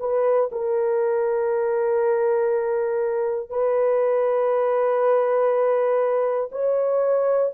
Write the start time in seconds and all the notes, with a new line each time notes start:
0.00 B4
0.51 A#4
3.50 B4
6.51 C#5